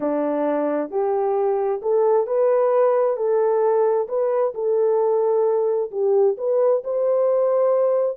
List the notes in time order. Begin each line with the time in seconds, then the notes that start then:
0.00 D4
0.90 G4
1.82 A4
2.26 B4
3.17 A4
4.08 B4
4.54 A4
5.91 G4
6.37 B4
6.83 C5